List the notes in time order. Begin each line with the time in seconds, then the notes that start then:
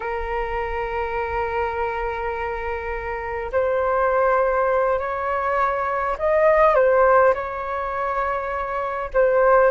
0.00 A#4
3.52 C5
4.99 C#5
6.18 D#5
6.74 C5
7.34 C#5
9.13 C5